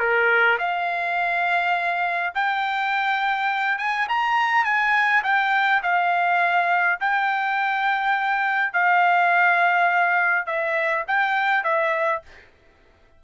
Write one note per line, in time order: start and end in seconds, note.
0.00 0.58 A#4
0.59 2.34 F5
2.35 3.79 G5
3.79 4.08 G#5
4.09 4.65 A#5
4.65 5.23 G#5
5.24 5.82 G5
5.83 7.00 F5
7.01 8.73 G5
8.73 10.47 F5
10.47 11.05 E5
11.08 11.64 G5
11.64 12.23 E5